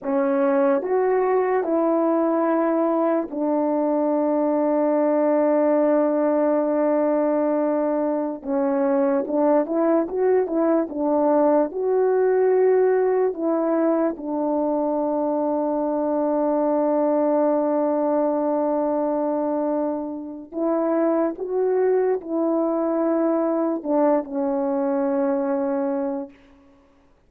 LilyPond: \new Staff \with { instrumentName = "horn" } { \time 4/4 \tempo 4 = 73 cis'4 fis'4 e'2 | d'1~ | d'2~ d'16 cis'4 d'8 e'16~ | e'16 fis'8 e'8 d'4 fis'4.~ fis'16~ |
fis'16 e'4 d'2~ d'8.~ | d'1~ | d'4 e'4 fis'4 e'4~ | e'4 d'8 cis'2~ cis'8 | }